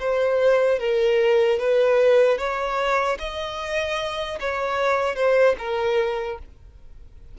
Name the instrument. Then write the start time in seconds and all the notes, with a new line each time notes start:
violin
0.00 C5
0.79 A#4
1.59 B4
2.38 C#5
3.19 D#5
4.40 C#5
5.16 C5
5.59 A#4